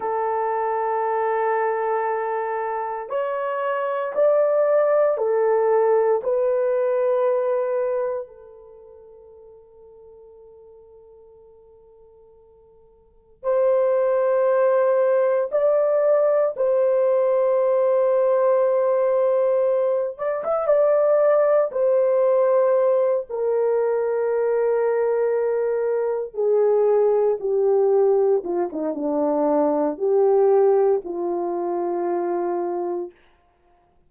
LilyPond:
\new Staff \with { instrumentName = "horn" } { \time 4/4 \tempo 4 = 58 a'2. cis''4 | d''4 a'4 b'2 | a'1~ | a'4 c''2 d''4 |
c''2.~ c''8 d''16 e''16 | d''4 c''4. ais'4.~ | ais'4. gis'4 g'4 f'16 dis'16 | d'4 g'4 f'2 | }